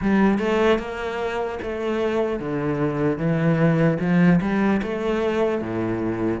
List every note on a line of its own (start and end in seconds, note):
0.01 0.39 G3
0.39 0.79 A3
0.79 1.59 A#3
1.62 2.39 A3
2.39 3.17 D3
3.17 3.97 E3
4.00 4.40 F3
4.41 4.81 G3
4.82 5.61 A3
5.61 6.40 A2